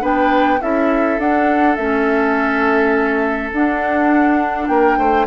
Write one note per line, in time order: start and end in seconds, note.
0.00 0.60 B3
0.00 0.58 D4
0.00 0.59 B4
0.00 0.61 G5
0.61 1.18 C#4
0.61 1.19 E4
0.61 4.69 A4
0.61 1.19 E5
1.18 1.76 D4
1.18 1.78 D4
1.18 1.75 F#5
1.75 3.52 A3
1.75 3.52 C#4
1.75 3.50 E5
3.52 4.68 D4
3.52 5.26 D4
3.52 4.67 F#5
4.67 4.97 A#3
4.67 4.98 A#4
4.67 5.25 G5
4.98 5.26 A3
4.98 5.26 C5